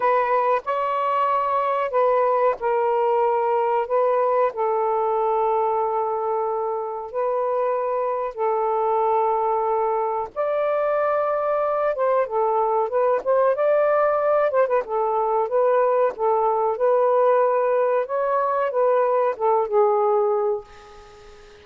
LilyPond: \new Staff \with { instrumentName = "saxophone" } { \time 4/4 \tempo 4 = 93 b'4 cis''2 b'4 | ais'2 b'4 a'4~ | a'2. b'4~ | b'4 a'2. |
d''2~ d''8 c''8 a'4 | b'8 c''8 d''4. c''16 b'16 a'4 | b'4 a'4 b'2 | cis''4 b'4 a'8 gis'4. | }